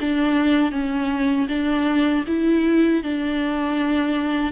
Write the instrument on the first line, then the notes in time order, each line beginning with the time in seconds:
viola
0.00 D4
0.71 C#4
1.48 D4
2.27 E4
3.03 D4